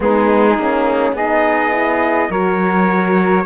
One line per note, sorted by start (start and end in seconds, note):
0.00 0.57 G#3
0.00 0.53 B3
0.00 1.13 D#4
0.00 1.16 G#4
0.57 1.12 A#3
0.57 1.16 C#4
1.12 2.28 B3
1.12 1.72 D#4
1.12 2.29 G#4
1.12 2.31 D#5
1.72 2.29 E4
2.29 3.45 F#3
2.29 3.45 F#4
2.29 3.44 A#4
2.29 3.45 C#5